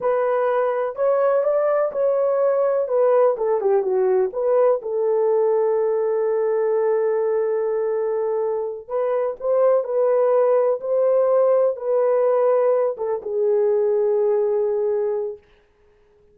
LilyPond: \new Staff \with { instrumentName = "horn" } { \time 4/4 \tempo 4 = 125 b'2 cis''4 d''4 | cis''2 b'4 a'8 g'8 | fis'4 b'4 a'2~ | a'1~ |
a'2~ a'8 b'4 c''8~ | c''8 b'2 c''4.~ | c''8 b'2~ b'8 a'8 gis'8~ | gis'1 | }